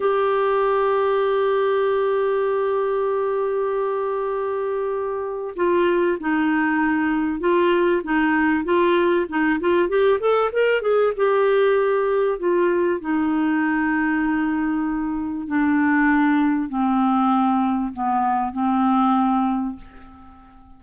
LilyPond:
\new Staff \with { instrumentName = "clarinet" } { \time 4/4 \tempo 4 = 97 g'1~ | g'1~ | g'4 f'4 dis'2 | f'4 dis'4 f'4 dis'8 f'8 |
g'8 a'8 ais'8 gis'8 g'2 | f'4 dis'2.~ | dis'4 d'2 c'4~ | c'4 b4 c'2 | }